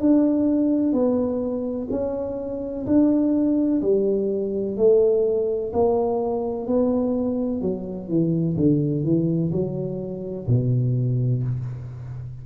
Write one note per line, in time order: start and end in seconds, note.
0.00 0.93 D4
0.93 1.88 B3
1.91 2.86 C#4
2.87 3.82 D4
3.82 4.77 G3
4.77 5.73 A3
5.73 6.67 A#3
6.67 7.62 B3
7.62 8.09 F#3
8.09 8.57 E3
8.57 9.04 D3
9.04 9.52 E3
9.52 10.48 F#3
10.48 11.43 B2